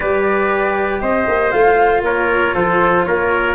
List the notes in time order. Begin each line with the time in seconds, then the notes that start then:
0.00 G3 G4 B4 D5
1.00 C4 C5 D#5
1.27 A#3
1.51 A3 F4 F5
2.01 A#3 A#4 C#5
2.54 F3 A4 C5
3.04 A#3 A#4 C#5